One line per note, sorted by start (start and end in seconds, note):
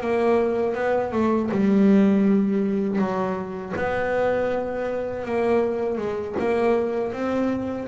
0.00 0.74 A#3
0.74 1.12 B3
1.12 1.49 A3
1.51 2.98 G3
2.98 3.73 F#3
3.76 5.25 B3
5.25 5.98 A#3
5.98 6.35 G#3
6.39 7.12 A#3
7.12 7.87 C4